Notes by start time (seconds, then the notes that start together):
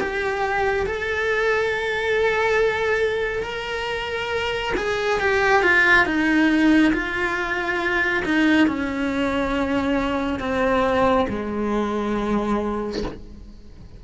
0.00 G4
0.86 A4
3.43 A#4
4.77 G#4
5.20 G4
5.63 F4
6.06 D#4
6.93 F4
8.25 D#4
8.68 C#4
10.40 C4
11.29 G#3